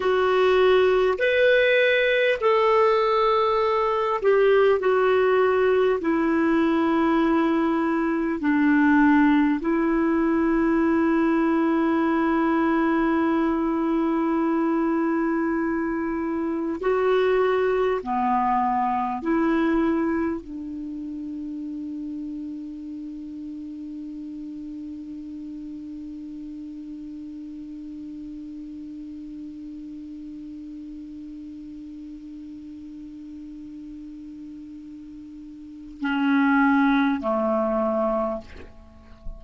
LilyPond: \new Staff \with { instrumentName = "clarinet" } { \time 4/4 \tempo 4 = 50 fis'4 b'4 a'4. g'8 | fis'4 e'2 d'4 | e'1~ | e'2 fis'4 b4 |
e'4 d'2.~ | d'1~ | d'1~ | d'2 cis'4 a4 | }